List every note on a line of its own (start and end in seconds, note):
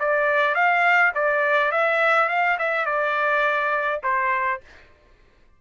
0.00 0.55 D5
0.55 1.13 F5
1.15 1.72 D5
1.72 2.29 E5
2.29 2.58 F5
2.59 2.86 E5
2.86 4.01 D5
4.04 4.61 C5